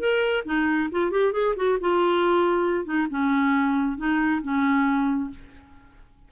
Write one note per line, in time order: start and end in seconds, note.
0.00 0.44 A#4
0.46 0.90 D#4
0.92 1.11 F4
1.11 1.33 G4
1.33 1.55 G#4
1.57 1.79 F#4
1.81 2.85 F4
2.85 3.07 D#4
3.11 3.98 C#4
3.98 4.42 D#4
4.43 5.31 C#4